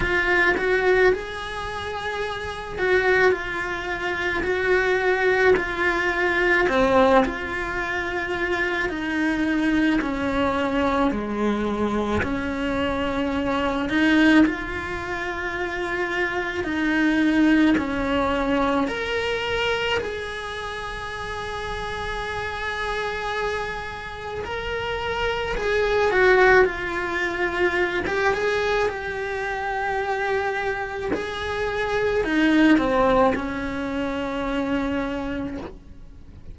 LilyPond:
\new Staff \with { instrumentName = "cello" } { \time 4/4 \tempo 4 = 54 f'8 fis'8 gis'4. fis'8 f'4 | fis'4 f'4 c'8 f'4. | dis'4 cis'4 gis4 cis'4~ | cis'8 dis'8 f'2 dis'4 |
cis'4 ais'4 gis'2~ | gis'2 ais'4 gis'8 fis'8 | f'4~ f'16 g'16 gis'8 g'2 | gis'4 dis'8 c'8 cis'2 | }